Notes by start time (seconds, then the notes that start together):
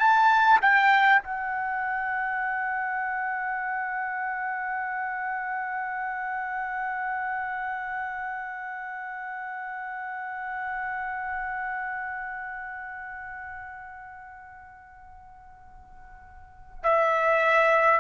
0.00 A5
0.62 G5
1.23 F#5
16.83 E5